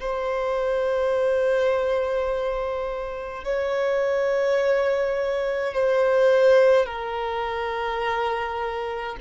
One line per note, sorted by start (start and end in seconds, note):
0.00 3.44 C5
3.44 5.74 C#5
5.74 6.85 C5
6.85 9.16 A#4